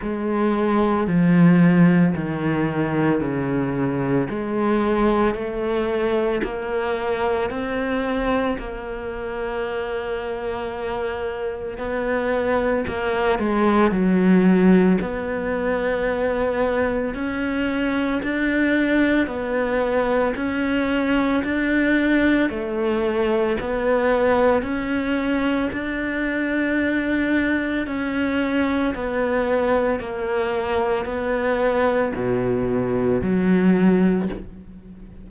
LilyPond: \new Staff \with { instrumentName = "cello" } { \time 4/4 \tempo 4 = 56 gis4 f4 dis4 cis4 | gis4 a4 ais4 c'4 | ais2. b4 | ais8 gis8 fis4 b2 |
cis'4 d'4 b4 cis'4 | d'4 a4 b4 cis'4 | d'2 cis'4 b4 | ais4 b4 b,4 fis4 | }